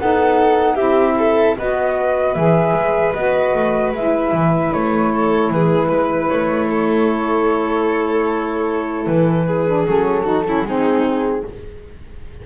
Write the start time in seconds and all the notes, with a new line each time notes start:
0.00 B3 D#4 A4 F#5
0.76 C4 E4 G4 E5
1.19 A4
1.58 B3 F#4 B4 D#5
2.34 E3 G#4 E5
2.75 G#3
3.13 B3 F#4 D#5
3.55 A3
3.92 G#3 E4 E5
4.33 E3
4.73 A3 C#5
5.12 A4
5.51 E3 G#4 B4
5.89 G#3 B4
6.29 A3 C#5
6.70 A4
9.07 E3 B4
9.47 G#4
9.67 D4
9.87 F#3 C#4 A4
10.24 D#4 F#4
10.46 C#4 E4
10.65 G#3 C4 D#4 G#4